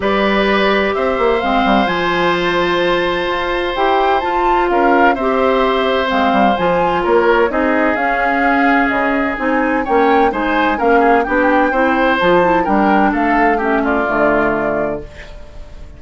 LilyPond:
<<
  \new Staff \with { instrumentName = "flute" } { \time 4/4 \tempo 4 = 128 d''2 e''4 f''4 | gis''4 a''2. | g''4 a''4 f''4 e''4~ | e''4 f''4 gis''4 cis''4 |
dis''4 f''2 dis''4 | gis''4 g''4 gis''4 f''4 | g''2 a''4 g''4 | f''4 e''8 d''2~ d''8 | }
  \new Staff \with { instrumentName = "oboe" } { \time 4/4 b'2 c''2~ | c''1~ | c''2 ais'4 c''4~ | c''2. ais'4 |
gis'1~ | gis'4 cis''4 c''4 ais'8 gis'8 | g'4 c''2 ais'4 | a'4 g'8 f'2~ f'8 | }
  \new Staff \with { instrumentName = "clarinet" } { \time 4/4 g'2. c'4 | f'1 | g'4 f'2 g'4~ | g'4 c'4 f'2 |
dis'4 cis'2. | dis'4 cis'4 dis'4 cis'4 | d'4 e'4 f'8 e'8 d'4~ | d'4 cis'4 a2 | }
  \new Staff \with { instrumentName = "bassoon" } { \time 4/4 g2 c'8 ais8 gis8 g8 | f2. f'4 | e'4 f'4 cis'4 c'4~ | c'4 gis8 g8 f4 ais4 |
c'4 cis'2 cis4 | c'4 ais4 gis4 ais4 | b4 c'4 f4 g4 | a2 d2 | }
>>